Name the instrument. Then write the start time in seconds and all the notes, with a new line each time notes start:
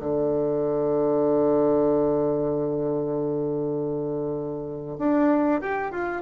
bassoon
0.00 D3
4.99 D4
5.61 G4
5.91 F4